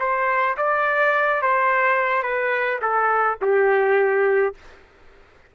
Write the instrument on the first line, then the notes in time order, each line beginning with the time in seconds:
trumpet
0.00 C5
0.58 D5
1.43 C5
2.23 B4
2.82 A4
3.42 G4